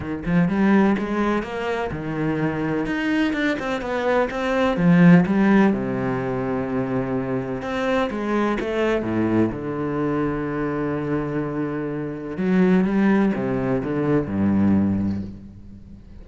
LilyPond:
\new Staff \with { instrumentName = "cello" } { \time 4/4 \tempo 4 = 126 dis8 f8 g4 gis4 ais4 | dis2 dis'4 d'8 c'8 | b4 c'4 f4 g4 | c1 |
c'4 gis4 a4 a,4 | d1~ | d2 fis4 g4 | c4 d4 g,2 | }